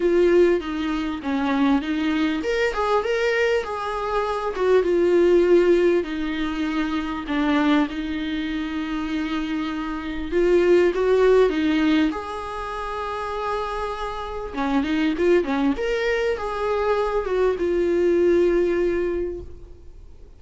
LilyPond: \new Staff \with { instrumentName = "viola" } { \time 4/4 \tempo 4 = 99 f'4 dis'4 cis'4 dis'4 | ais'8 gis'8 ais'4 gis'4. fis'8 | f'2 dis'2 | d'4 dis'2.~ |
dis'4 f'4 fis'4 dis'4 | gis'1 | cis'8 dis'8 f'8 cis'8 ais'4 gis'4~ | gis'8 fis'8 f'2. | }